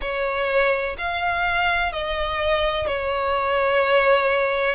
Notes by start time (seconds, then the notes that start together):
0.01 C#5
0.98 F5
1.92 D#5
2.87 C#5